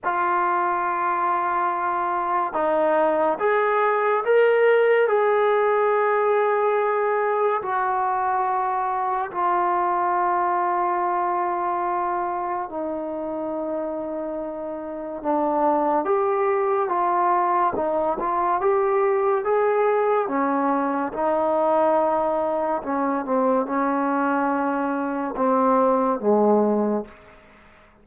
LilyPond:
\new Staff \with { instrumentName = "trombone" } { \time 4/4 \tempo 4 = 71 f'2. dis'4 | gis'4 ais'4 gis'2~ | gis'4 fis'2 f'4~ | f'2. dis'4~ |
dis'2 d'4 g'4 | f'4 dis'8 f'8 g'4 gis'4 | cis'4 dis'2 cis'8 c'8 | cis'2 c'4 gis4 | }